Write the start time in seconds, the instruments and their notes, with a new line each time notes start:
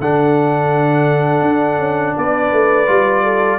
0.00 tuba D3, trombone D4, horn A4, trumpet F#5
1.42 tuba D4
1.78 tuba C#4
2.17 tuba B3, horn B4, trumpet D5
2.52 tuba A3
2.87 tuba G3, trombone F4
3.23 horn A4